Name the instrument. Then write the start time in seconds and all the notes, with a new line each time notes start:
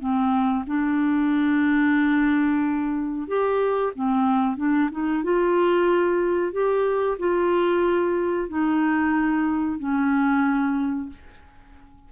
clarinet
0.00 C4
0.67 D4
3.28 G4
3.95 C4
4.57 D4
4.91 D#4
5.24 F4
6.53 G4
7.19 F4
8.49 D#4
9.79 C#4